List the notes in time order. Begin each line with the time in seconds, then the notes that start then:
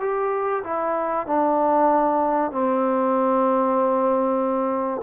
0.00 G4
0.63 E4
1.26 D4
2.51 C4